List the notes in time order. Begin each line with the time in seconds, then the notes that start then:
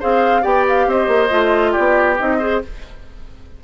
0.00 C4 G#4 C5 F5
0.42 B3 G4 D5 G5
0.69 F5
0.87 C4 C5 D#5
1.08 A#3
1.29 A3 F4
1.72 G4 D5
1.78 B3
2.19 C4 D#4 D#5
2.39 G#4 C5